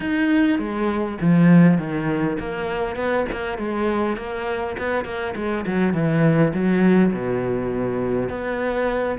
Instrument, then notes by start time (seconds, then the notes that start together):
cello
0.00 D#4
0.58 G#3
1.20 F3
1.78 D#3
2.39 A#3
2.96 B3
3.32 A#3
3.58 G#3
4.16 A#3
4.77 B3
5.04 A#3
5.35 G#3
5.66 F#3
5.93 E3
6.53 F#3
7.13 B2
8.29 B3